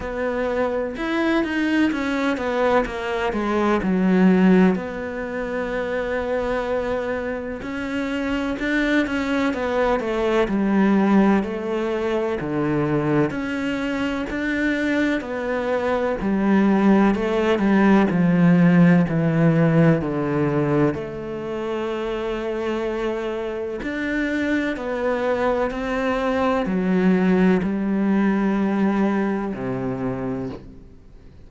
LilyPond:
\new Staff \with { instrumentName = "cello" } { \time 4/4 \tempo 4 = 63 b4 e'8 dis'8 cis'8 b8 ais8 gis8 | fis4 b2. | cis'4 d'8 cis'8 b8 a8 g4 | a4 d4 cis'4 d'4 |
b4 g4 a8 g8 f4 | e4 d4 a2~ | a4 d'4 b4 c'4 | fis4 g2 c4 | }